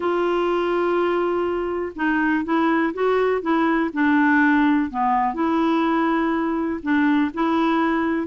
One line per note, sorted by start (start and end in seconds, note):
0.00 1.92 F4
1.95 2.44 D#4
2.44 2.93 E4
2.93 3.41 F#4
3.41 3.90 E4
3.93 4.90 D4
4.90 5.33 B3
5.33 6.80 E4
6.82 7.31 D4
7.33 8.27 E4